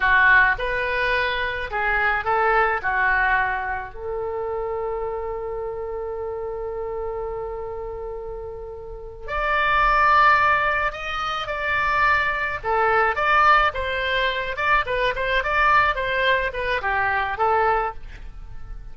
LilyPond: \new Staff \with { instrumentName = "oboe" } { \time 4/4 \tempo 4 = 107 fis'4 b'2 gis'4 | a'4 fis'2 a'4~ | a'1~ | a'1~ |
a'8 d''2. dis''8~ | dis''8 d''2 a'4 d''8~ | d''8 c''4. d''8 b'8 c''8 d''8~ | d''8 c''4 b'8 g'4 a'4 | }